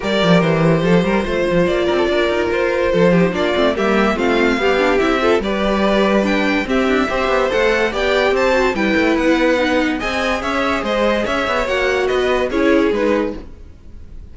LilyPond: <<
  \new Staff \with { instrumentName = "violin" } { \time 4/4 \tempo 4 = 144 d''4 c''2. | d''2 c''2 | d''4 e''4 f''2 | e''4 d''2 g''4 |
e''2 fis''4 g''4 | a''4 g''4 fis''2 | gis''4 e''4 dis''4 e''4 | fis''4 dis''4 cis''4 b'4 | }
  \new Staff \with { instrumentName = "violin" } { \time 4/4 ais'2 a'8 ais'8 c''4~ | c''8 ais'16 a'16 ais'2 a'8 g'8 | f'4 g'4 f'4 g'4~ | g'8 a'8 b'2. |
g'4 c''2 d''4 | c''4 b'2. | dis''4 cis''4 c''4 cis''4~ | cis''4 b'4 gis'2 | }
  \new Staff \with { instrumentName = "viola" } { \time 4/4 g'2. f'4~ | f'2.~ f'8 dis'8 | d'8 c'8 ais4 c'4 g8 d'8 | e'8 f'8 g'2 d'4 |
c'4 g'4 a'4 g'4~ | g'8 fis'8 e'2 dis'4 | gis'1 | fis'2 e'4 dis'4 | }
  \new Staff \with { instrumentName = "cello" } { \time 4/4 g8 f8 e4 f8 g8 a8 f8 | ais8 c'8 d'8 dis'8 f'4 f4 | ais8 a8 g4 a4 b4 | c'4 g2. |
c'8 d'8 c'8 b8 a4 b4 | c'4 g8 a8 b2 | c'4 cis'4 gis4 cis'8 b8 | ais4 b4 cis'4 gis4 | }
>>